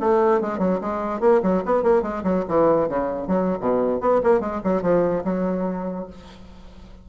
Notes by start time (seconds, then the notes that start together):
0.00 A3
0.41 G#3
0.58 F#3
0.81 G#3
1.20 A#3
1.42 F#3
1.65 B3
1.83 A#3
2.02 G#3
2.23 F#3
2.48 E3
2.88 C#3
3.27 F#3
3.60 B2
4.00 B3
4.23 A#3
4.40 G#3
4.64 F#3
4.82 F3
5.24 F#3